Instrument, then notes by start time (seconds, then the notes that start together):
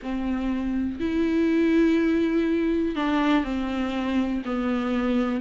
viola
0.02 C4
1.00 E4
2.95 D4
3.44 C4
4.45 B3